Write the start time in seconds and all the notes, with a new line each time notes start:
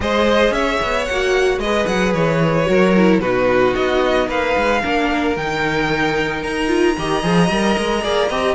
0.00 G#3 G#4 C5 D#5
0.51 C#4 C#5 E5
0.82 B3
1.05 A#3 F#4 F#5
1.57 G#3 B4 D#5
1.64 G#4
1.86 F#3 F#5
2.13 E3 C#5
2.65 F#3 F#4 A#4
2.96 E4
3.19 B2 D#4 F#4 B4
3.75 B3 D#5
4.27 A#3 B4 F5
4.56 G#3
4.82 A#3 D4 A#4
5.36 D#3 D#4 G5
6.42 D#4 A#5
6.67 F4
6.97 D#3 G4 D#5
7.22 F3 G#4
7.49 G3 A#4
7.78 G#3
8.02 A#3 G#4 D5
8.28 C4 G4 D#5